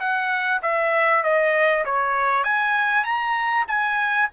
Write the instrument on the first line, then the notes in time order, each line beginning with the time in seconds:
trumpet
0.00 F#5
0.62 E5
1.24 D#5
1.85 C#5
2.44 G#5
3.04 A#5
3.68 G#5